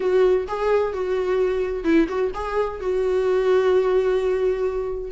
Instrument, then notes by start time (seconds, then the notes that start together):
viola
0.00 F#4
0.47 G#4
0.93 F#4
1.84 E4
2.08 F#4
2.34 G#4
2.80 F#4